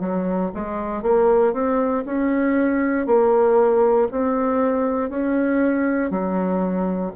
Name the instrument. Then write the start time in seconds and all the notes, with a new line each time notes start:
bassoon
0.00 F#3
0.54 G#3
1.02 A#3
1.53 C4
2.05 C#4
3.06 A#3
4.11 C4
5.09 C#4
6.10 F#3